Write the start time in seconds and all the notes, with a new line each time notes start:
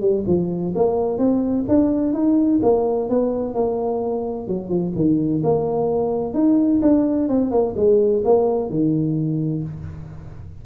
0.00 G3
0.27 F3
0.75 A#3
1.18 C4
1.68 D4
2.13 D#4
2.62 A#3
3.09 B3
3.54 A#3
4.47 F#3
4.69 F3
4.95 D#3
5.43 A#3
6.34 D#4
6.81 D4
7.28 C4
7.51 A#3
7.76 G#3
8.24 A#3
8.70 D#3